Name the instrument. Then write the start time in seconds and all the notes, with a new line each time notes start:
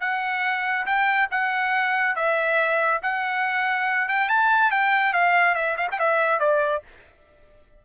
trumpet
0.00 F#5
0.85 G5
1.31 F#5
2.15 E5
3.02 F#5
4.08 G5
4.28 A5
4.71 G5
5.13 F5
5.55 E5
5.77 F5
5.91 G5
5.99 E5
6.39 D5